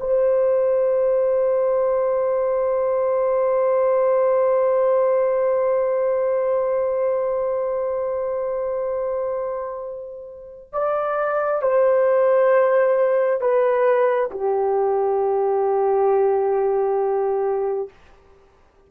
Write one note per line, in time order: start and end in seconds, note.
0.00 10.72 C5
10.72 11.62 D5
11.62 13.40 C5
13.40 14.30 B4
14.31 17.89 G4